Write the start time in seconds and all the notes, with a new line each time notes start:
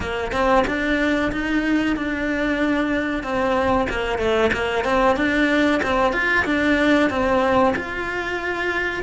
0.00 A#3
0.32 C4
0.67 D4
1.32 D#4
1.96 D4
3.23 C4
3.89 A#3
4.18 A3
4.52 A#3
4.84 C4
5.16 D4
5.82 C4
6.12 F4
6.45 D4
7.09 C4
7.75 F4